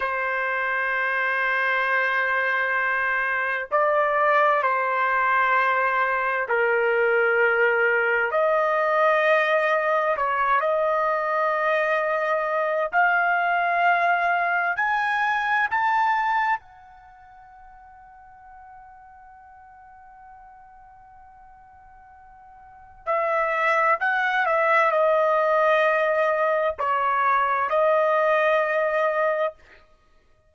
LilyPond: \new Staff \with { instrumentName = "trumpet" } { \time 4/4 \tempo 4 = 65 c''1 | d''4 c''2 ais'4~ | ais'4 dis''2 cis''8 dis''8~ | dis''2 f''2 |
gis''4 a''4 fis''2~ | fis''1~ | fis''4 e''4 fis''8 e''8 dis''4~ | dis''4 cis''4 dis''2 | }